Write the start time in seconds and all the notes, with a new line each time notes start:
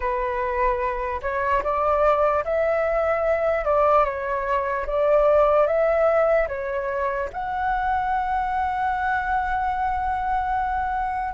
0.00 B4
1.22 C#5
1.63 D5
2.44 E5
3.64 D5
4.04 C#5
4.86 D5
5.66 E5
6.48 C#5
7.32 F#5